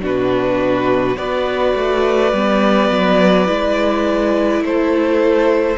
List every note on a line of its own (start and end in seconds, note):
0.00 1.16 B2
0.00 1.15 D4
0.00 1.17 F#4
0.00 1.17 B4
1.16 1.74 B3
1.16 2.33 F#4
1.16 4.63 B4
1.16 4.63 D5
1.75 2.32 A3
2.32 2.90 G3
2.32 3.45 B3
2.90 3.48 F#3
3.45 4.61 G#3
3.45 5.76 E4
4.61 5.76 A3
4.61 5.78 C5
4.67 5.78 A4